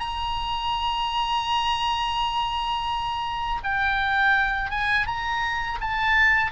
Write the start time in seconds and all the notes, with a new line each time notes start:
0.00 A#5
3.63 G5
4.71 G#5
5.07 A#5
5.81 A5